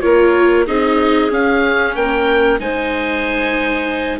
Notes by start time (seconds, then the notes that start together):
0.00 A#3 F4 A#4 C#5
0.66 C4 D#4 G#4 D#5
1.29 C#4 F5
1.94 A#3 A#4 G5
2.59 G#3 D#4 C5 G#5